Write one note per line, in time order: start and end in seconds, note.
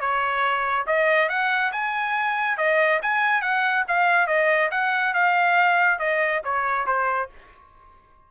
0.00 0.86 C#5
0.86 1.29 D#5
1.29 1.71 F#5
1.72 2.57 G#5
2.57 3.00 D#5
3.02 3.41 G#5
3.41 3.84 F#5
3.87 4.27 F5
4.27 4.70 D#5
4.71 5.14 F#5
5.14 5.99 F5
5.99 6.41 D#5
6.44 6.86 C#5
6.86 7.29 C5